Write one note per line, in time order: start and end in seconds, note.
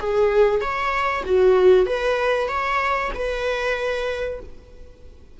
0.00 0.61 G#4
0.61 1.23 C#5
1.26 1.86 F#4
1.86 2.48 B4
2.48 3.11 C#5
3.15 4.40 B4